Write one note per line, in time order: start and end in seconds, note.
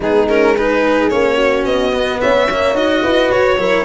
0.00 1.10 G#3
0.00 0.29 B3
0.00 0.54 D#4
0.00 0.28 G#4
0.28 0.56 C#4
0.28 0.56 A#4
0.54 1.10 D#4
0.54 1.35 G#4
0.54 1.09 B4
1.09 1.65 A#3
1.09 1.92 C#4
1.09 1.64 C#5
1.35 2.18 F#4
1.65 2.20 B3
1.65 2.20 D#5
1.92 2.47 B3
2.20 2.73 C#4
2.20 3.02 C#5
2.20 2.75 E5
2.50 2.75 A#3
2.73 3.01 D#4
2.73 3.58 F#4
2.73 3.31 D#5
3.02 3.30 E4
3.02 3.57 B4
3.31 3.58 F#4
3.31 3.85 C#5
3.58 3.85 F#3
3.58 3.85 E4
3.58 3.85 A#4